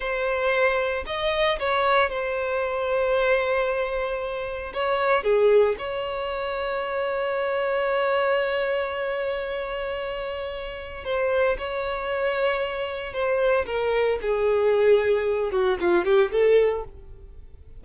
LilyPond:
\new Staff \with { instrumentName = "violin" } { \time 4/4 \tempo 4 = 114 c''2 dis''4 cis''4 | c''1~ | c''4 cis''4 gis'4 cis''4~ | cis''1~ |
cis''1~ | cis''4 c''4 cis''2~ | cis''4 c''4 ais'4 gis'4~ | gis'4. fis'8 f'8 g'8 a'4 | }